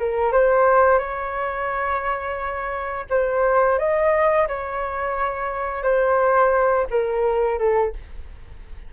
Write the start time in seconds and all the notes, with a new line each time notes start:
0.00 A#4
0.33 C5
0.99 C#5
3.10 C5
3.79 D#5
4.48 C#5
5.84 C5
6.91 A#4
7.59 A4